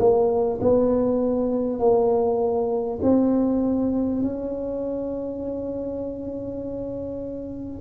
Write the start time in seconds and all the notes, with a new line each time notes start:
0.00 A#3
0.61 B3
1.79 A#3
3.02 C4
4.22 C#4